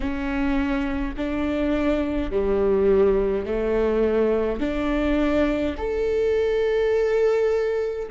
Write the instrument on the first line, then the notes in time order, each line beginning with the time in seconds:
viola
0.00 C#4
1.16 D4
2.31 G3
3.45 A3
4.59 D4
5.77 A4